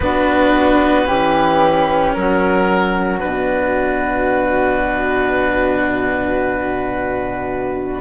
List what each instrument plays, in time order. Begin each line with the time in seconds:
0.00 bassoon B3, cello D4, flute F#4, oboe B4
1.05 bassoon E3, cello C#4, flute G4
2.13 bassoon F#3, flute F#4, oboe A#4
3.19 bassoon B2, cello D4, oboe B4